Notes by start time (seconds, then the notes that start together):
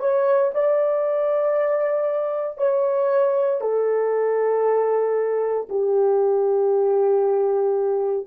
0.00 C#5
0.54 D5
2.58 C#5
3.61 A4
5.69 G4